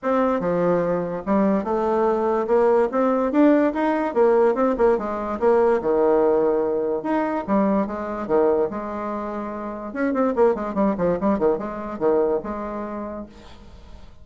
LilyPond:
\new Staff \with { instrumentName = "bassoon" } { \time 4/4 \tempo 4 = 145 c'4 f2 g4 | a2 ais4 c'4 | d'4 dis'4 ais4 c'8 ais8 | gis4 ais4 dis2~ |
dis4 dis'4 g4 gis4 | dis4 gis2. | cis'8 c'8 ais8 gis8 g8 f8 g8 dis8 | gis4 dis4 gis2 | }